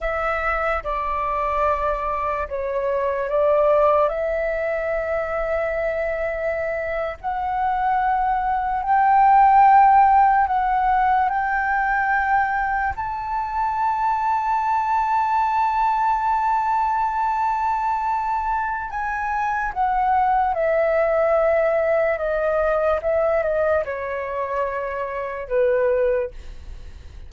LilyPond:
\new Staff \with { instrumentName = "flute" } { \time 4/4 \tempo 4 = 73 e''4 d''2 cis''4 | d''4 e''2.~ | e''8. fis''2 g''4~ g''16~ | g''8. fis''4 g''2 a''16~ |
a''1~ | a''2. gis''4 | fis''4 e''2 dis''4 | e''8 dis''8 cis''2 b'4 | }